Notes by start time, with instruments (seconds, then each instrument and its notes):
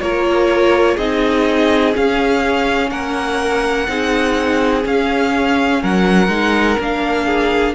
0.00 cello A#3, viola F4, violin A#4 C#5
0.94 cello C4, viola D#4, violin G#4 D#5
1.94 viola C#4, cello C#4, violin F5
2.90 cello A#3, violin A#4 F#5
3.88 cello C4, viola D#4, violin G#4
4.82 viola C#4, cello C#4, violin F5
5.82 cello F#3, violin A#4 F#5
6.28 cello G#3, viola D#4
6.79 cello A#3, viola D4, violin F5
7.25 violin G#4